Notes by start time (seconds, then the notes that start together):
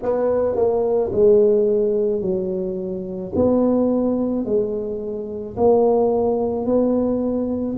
0.02 B3
0.56 A#3
1.12 G#3
2.21 F#3
3.35 B3
4.44 G#3
5.56 A#3
6.65 B3